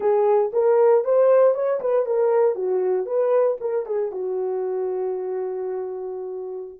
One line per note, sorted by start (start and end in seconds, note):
0.00 0.51 G#4
0.53 1.04 A#4
1.04 1.54 C5
1.54 1.79 C#5
1.80 2.05 B4
2.06 2.55 A#4
2.55 3.06 F#4
3.06 3.57 B4
3.60 3.86 A#4
3.86 4.11 G#4
4.11 6.79 F#4